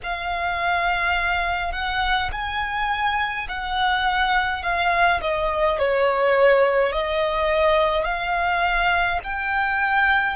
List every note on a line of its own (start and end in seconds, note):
0.03 1.72 F5
1.72 2.30 F#5
2.32 3.47 G#5
3.48 4.62 F#5
4.62 5.20 F5
5.21 5.78 D#5
5.78 6.92 C#5
6.92 8.04 D#5
8.04 9.19 F5
9.23 10.36 G5